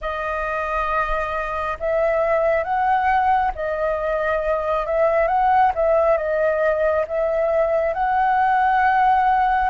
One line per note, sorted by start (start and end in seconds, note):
0.01 1.77 D#5
1.79 2.63 E5
2.63 3.51 F#5
3.55 4.85 D#5
4.85 5.27 E5
5.27 5.72 F#5
5.74 6.17 E5
6.17 7.05 D#5
7.07 7.93 E5
7.93 9.69 F#5